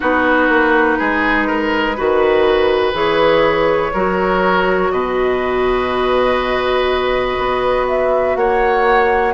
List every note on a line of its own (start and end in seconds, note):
0.00 0.48 B3
0.00 1.94 D#4
0.00 0.98 F#4
0.00 2.95 B4
0.48 0.98 A#3
0.98 1.98 G#3
0.98 1.47 G#4
1.47 1.96 A#4
1.97 2.93 D#3
1.97 2.93 F#4
1.97 3.93 B4
2.93 3.91 E3
2.93 3.91 G#4
2.93 4.91 C#5
3.93 4.91 F#3
3.93 9.33 F#4
3.93 4.91 A#4
4.91 7.37 B2
4.91 8.37 B4
4.91 7.86 D#5
7.38 8.36 B3
7.88 8.36 E5
8.36 9.33 A#3
8.36 9.33 C#5
8.36 9.33 F#5